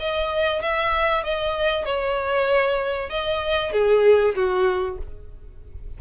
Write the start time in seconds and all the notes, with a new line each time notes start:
0.00 D#5
0.62 E5
1.24 D#5
1.86 C#5
3.10 D#5
3.73 G#4
4.36 F#4